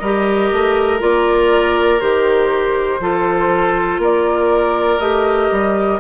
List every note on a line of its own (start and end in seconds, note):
0.00 0.51 G3
0.00 1.00 G4
0.00 3.01 A#4
0.00 1.00 D#5
0.52 1.02 A3
1.00 2.01 A#3
1.00 2.00 F4
1.00 2.01 D5
2.00 3.00 D#3
2.00 3.00 G4
2.00 4.01 C5
3.00 3.99 F3
3.00 5.00 F4
3.00 4.01 A4
3.99 4.99 A#3
3.99 6.00 A#4
3.99 5.00 D5
5.00 5.50 A3
5.00 6.00 G4
5.00 6.00 D#5
5.51 6.00 G3